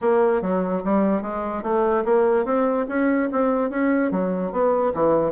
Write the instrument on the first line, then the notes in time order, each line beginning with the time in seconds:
bassoon
0.01 A#3
0.41 F#3
0.84 G3
1.22 G#3
1.62 A3
2.05 A#3
2.45 C4
2.88 C#4
3.31 C4
3.70 C#4
4.11 F#3
4.51 B3
4.94 E3